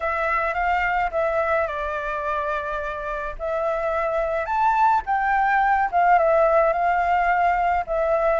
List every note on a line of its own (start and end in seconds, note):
0.00 0.54 E5
0.54 1.10 F5
1.11 1.67 E5
1.67 3.35 D5
3.38 4.45 E5
4.45 5.01 A5
5.06 5.90 G5
5.91 6.18 F5
6.18 6.72 E5
6.72 7.85 F5
7.87 8.40 E5